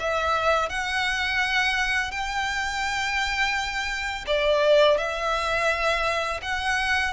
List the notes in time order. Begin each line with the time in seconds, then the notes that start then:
0.00 E5
0.70 F#5
2.11 G5
4.27 D5
4.98 E5
6.42 F#5